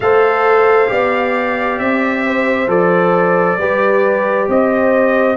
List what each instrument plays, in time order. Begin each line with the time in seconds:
0.00 tuba A3, trombone A4, horn C5, trumpet F5
0.87 tuba B3, trombone G4, horn D5
1.78 tuba C4, trumpet E5
2.26 horn C5
2.67 tuba F3, trombone A4, trumpet D5
3.57 tuba G3, trombone G4, horn B4
4.48 tuba C4, horn C5, trumpet D#5